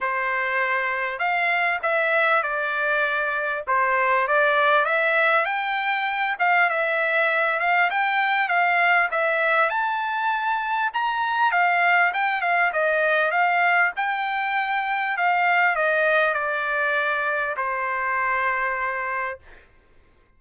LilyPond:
\new Staff \with { instrumentName = "trumpet" } { \time 4/4 \tempo 4 = 99 c''2 f''4 e''4 | d''2 c''4 d''4 | e''4 g''4. f''8 e''4~ | e''8 f''8 g''4 f''4 e''4 |
a''2 ais''4 f''4 | g''8 f''8 dis''4 f''4 g''4~ | g''4 f''4 dis''4 d''4~ | d''4 c''2. | }